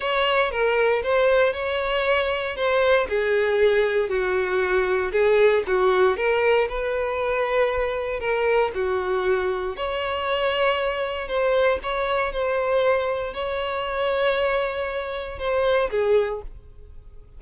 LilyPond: \new Staff \with { instrumentName = "violin" } { \time 4/4 \tempo 4 = 117 cis''4 ais'4 c''4 cis''4~ | cis''4 c''4 gis'2 | fis'2 gis'4 fis'4 | ais'4 b'2. |
ais'4 fis'2 cis''4~ | cis''2 c''4 cis''4 | c''2 cis''2~ | cis''2 c''4 gis'4 | }